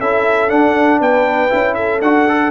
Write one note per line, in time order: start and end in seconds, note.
0.00 0.50 C#4
0.00 0.49 E4
0.00 1.01 A4
0.00 0.50 E5
0.49 1.49 D4
0.49 1.00 D4
0.49 1.00 F#5
1.00 1.51 B3
1.00 1.76 B4
1.00 1.74 G5
1.49 2.02 C#4
1.49 2.00 E4
1.74 2.51 A4
1.74 2.00 E5
2.02 2.51 D4
2.02 2.29 F#4
2.02 2.51 F#5
2.29 2.51 A4